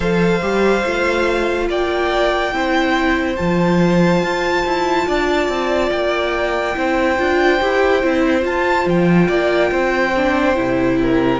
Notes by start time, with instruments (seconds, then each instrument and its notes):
0.00 cello F3, viola A4, violin C5 F5
0.41 cello G3, viola G4
0.84 cello A3, viola F4
1.68 cello A#3, violin D5 G5
2.52 cello C4, viola E4, violin C5
3.36 cello F3, viola F4, violin A5
4.22 cello F4
4.65 cello E4
5.07 cello D4, violin D5
5.48 cello C4
5.91 cello A#3, violin G5
6.75 cello C4, viola E4, violin C5
7.17 cello D4, viola F4
7.61 cello E4, viola G4
8.02 cello C4, viola E4
8.40 viola F4, cello F4, violin A5
8.86 cello F3, violin G5
9.27 cello A#3, violin D5
9.71 cello C4, violin C5
10.16 viola D4
10.55 cello C3, viola E4
11.02 violin A#4